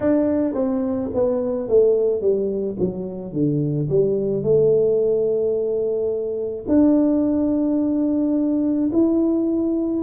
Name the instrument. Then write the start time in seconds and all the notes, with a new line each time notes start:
tuba
0.00 D4
0.54 C4
1.14 B3
1.68 A3
2.21 G3
2.79 F#3
3.32 D3
3.89 G3
4.42 A3
6.68 D4
8.92 E4